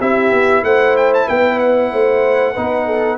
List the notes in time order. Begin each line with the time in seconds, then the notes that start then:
0.00 C4 E4 G4 E5
0.31 B3
0.62 A3 C5 F#5
0.96 G5
1.14 A5
1.27 B3 B4 G5
1.59 F#5
1.92 A3 C5
2.54 B3 D#4 B4
2.85 A4